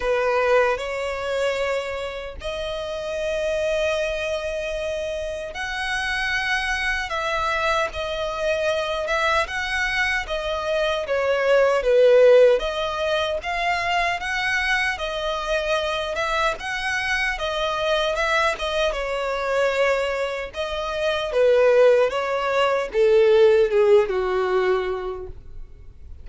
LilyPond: \new Staff \with { instrumentName = "violin" } { \time 4/4 \tempo 4 = 76 b'4 cis''2 dis''4~ | dis''2. fis''4~ | fis''4 e''4 dis''4. e''8 | fis''4 dis''4 cis''4 b'4 |
dis''4 f''4 fis''4 dis''4~ | dis''8 e''8 fis''4 dis''4 e''8 dis''8 | cis''2 dis''4 b'4 | cis''4 a'4 gis'8 fis'4. | }